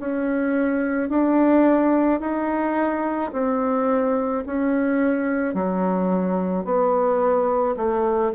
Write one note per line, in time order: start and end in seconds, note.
0.00 1.10 C#4
1.10 2.20 D4
2.20 3.31 D#4
3.33 4.44 C4
4.46 5.55 C#4
5.55 6.65 F#3
6.65 7.76 B3
7.77 8.33 A3